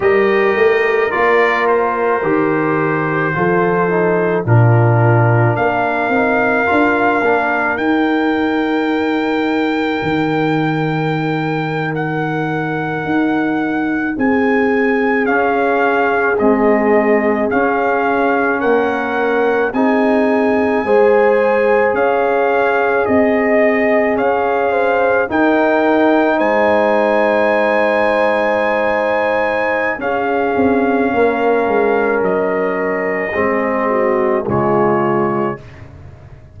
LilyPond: <<
  \new Staff \with { instrumentName = "trumpet" } { \time 4/4 \tempo 4 = 54 dis''4 d''8 c''2~ c''8 | ais'4 f''2 g''4~ | g''2~ g''8. fis''4~ fis''16~ | fis''8. gis''4 f''4 dis''4 f''16~ |
f''8. fis''4 gis''2 f''16~ | f''8. dis''4 f''4 g''4 gis''16~ | gis''2. f''4~ | f''4 dis''2 cis''4 | }
  \new Staff \with { instrumentName = "horn" } { \time 4/4 ais'2. a'4 | f'4 ais'2.~ | ais'1~ | ais'8. gis'2.~ gis'16~ |
gis'8. ais'4 gis'4 c''4 cis''16~ | cis''8. dis''4 cis''8 c''8 ais'4 c''16~ | c''2. gis'4 | ais'2 gis'8 fis'8 f'4 | }
  \new Staff \with { instrumentName = "trombone" } { \time 4/4 g'4 f'4 g'4 f'8 dis'8 | d'4. dis'8 f'8 d'8 dis'4~ | dis'1~ | dis'4.~ dis'16 cis'4 gis4 cis'16~ |
cis'4.~ cis'16 dis'4 gis'4~ gis'16~ | gis'2~ gis'8. dis'4~ dis'16~ | dis'2. cis'4~ | cis'2 c'4 gis4 | }
  \new Staff \with { instrumentName = "tuba" } { \time 4/4 g8 a8 ais4 dis4 f4 | ais,4 ais8 c'8 d'8 ais8 dis'4~ | dis'4 dis2~ dis8. dis'16~ | dis'8. c'4 cis'4 c'4 cis'16~ |
cis'8. ais4 c'4 gis4 cis'16~ | cis'8. c'4 cis'4 dis'4 gis16~ | gis2. cis'8 c'8 | ais8 gis8 fis4 gis4 cis4 | }
>>